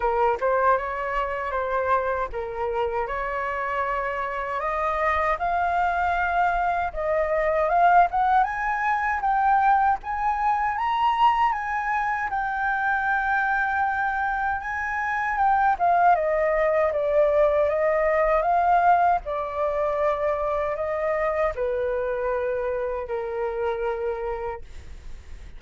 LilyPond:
\new Staff \with { instrumentName = "flute" } { \time 4/4 \tempo 4 = 78 ais'8 c''8 cis''4 c''4 ais'4 | cis''2 dis''4 f''4~ | f''4 dis''4 f''8 fis''8 gis''4 | g''4 gis''4 ais''4 gis''4 |
g''2. gis''4 | g''8 f''8 dis''4 d''4 dis''4 | f''4 d''2 dis''4 | b'2 ais'2 | }